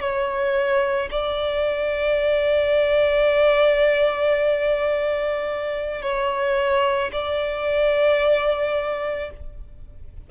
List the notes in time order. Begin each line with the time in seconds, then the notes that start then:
0.00 C#5
1.11 D5
6.02 C#5
7.12 D5